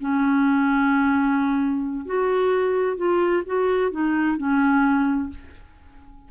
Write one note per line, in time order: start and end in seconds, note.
0.00 2.05 C#4
2.05 2.97 F#4
2.97 3.43 F4
3.46 3.91 F#4
3.91 4.37 D#4
4.37 5.30 C#4